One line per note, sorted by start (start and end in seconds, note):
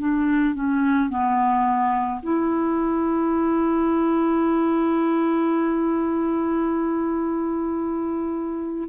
0.00 0.55 D4
0.55 1.10 C#4
1.10 2.21 B3
2.23 8.89 E4